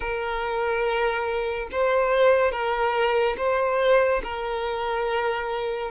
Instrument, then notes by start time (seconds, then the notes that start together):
violin
0.00 A#4
1.71 C5
2.51 A#4
3.37 C5
4.23 A#4